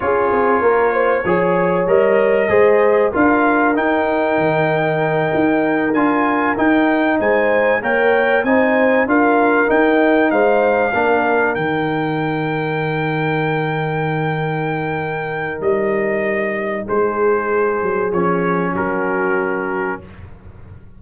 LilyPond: <<
  \new Staff \with { instrumentName = "trumpet" } { \time 4/4 \tempo 4 = 96 cis''2. dis''4~ | dis''4 f''4 g''2~ | g''4. gis''4 g''4 gis''8~ | gis''8 g''4 gis''4 f''4 g''8~ |
g''8 f''2 g''4.~ | g''1~ | g''4 dis''2 c''4~ | c''4 cis''4 ais'2 | }
  \new Staff \with { instrumentName = "horn" } { \time 4/4 gis'4 ais'8 c''8 cis''2 | c''4 ais'2.~ | ais'2.~ ais'8 c''8~ | c''8 cis''4 c''4 ais'4.~ |
ais'8 c''4 ais'2~ ais'8~ | ais'1~ | ais'2. gis'4~ | gis'2 fis'2 | }
  \new Staff \with { instrumentName = "trombone" } { \time 4/4 f'2 gis'4 ais'4 | gis'4 f'4 dis'2~ | dis'4. f'4 dis'4.~ | dis'8 ais'4 dis'4 f'4 dis'8~ |
dis'4. d'4 dis'4.~ | dis'1~ | dis'1~ | dis'4 cis'2. | }
  \new Staff \with { instrumentName = "tuba" } { \time 4/4 cis'8 c'8 ais4 f4 g4 | gis4 d'4 dis'4 dis4~ | dis8 dis'4 d'4 dis'4 gis8~ | gis8 ais4 c'4 d'4 dis'8~ |
dis'8 gis4 ais4 dis4.~ | dis1~ | dis4 g2 gis4~ | gis8 fis8 f4 fis2 | }
>>